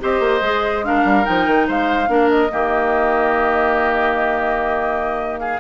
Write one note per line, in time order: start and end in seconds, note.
0.00 0.20 C4
0.00 0.41 G4
0.00 0.85 C5
0.00 0.85 D#5
0.20 0.41 A#3
0.41 1.03 G#3
0.41 0.84 G#4
0.84 1.24 D4
0.84 1.68 A#4
0.84 1.26 F5
1.05 1.26 G3
1.24 1.47 F3
1.24 2.07 D#4
1.24 1.67 G5
1.47 1.67 D#3
1.68 2.08 G#3
1.68 2.09 C5
1.68 2.30 F5
2.08 2.50 A#3
2.08 2.49 D4
2.08 2.52 A#4
2.30 5.40 D#5
2.51 5.60 D#3
2.51 5.60 A#3
2.51 5.41 G4
5.40 5.60 G#4
5.40 5.60 F5